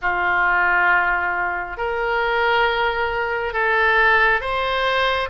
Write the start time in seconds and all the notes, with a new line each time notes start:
0.01 F4
1.77 A#4
3.53 A4
4.40 C5